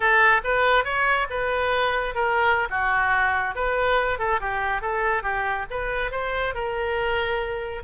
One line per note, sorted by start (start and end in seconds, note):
0.00 0.41 A4
0.43 0.84 B4
0.84 1.27 C#5
1.30 2.14 B4
2.14 2.68 A#4
2.69 3.55 F#4
3.55 4.18 B4
4.18 4.40 A4
4.40 4.81 G4
4.81 5.22 A4
5.22 5.65 G4
5.70 6.11 B4
6.11 6.54 C5
6.54 7.83 A#4